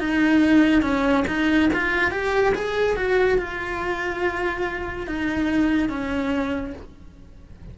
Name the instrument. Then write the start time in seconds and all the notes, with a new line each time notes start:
cello
0.00 D#4
0.82 C#4
1.28 D#4
1.74 F4
2.11 G4
2.55 G#4
2.97 F#4
3.38 F4
5.07 D#4
5.89 C#4